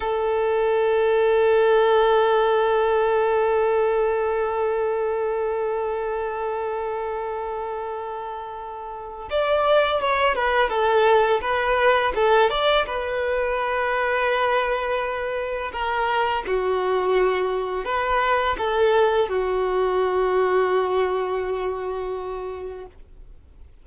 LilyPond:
\new Staff \with { instrumentName = "violin" } { \time 4/4 \tempo 4 = 84 a'1~ | a'1~ | a'1~ | a'4 d''4 cis''8 b'8 a'4 |
b'4 a'8 d''8 b'2~ | b'2 ais'4 fis'4~ | fis'4 b'4 a'4 fis'4~ | fis'1 | }